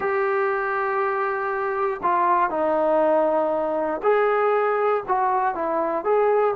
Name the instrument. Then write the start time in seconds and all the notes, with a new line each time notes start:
trombone
0.00 G4
2.02 F4
2.50 D#4
4.02 G#4
5.08 F#4
5.54 E4
6.04 G#4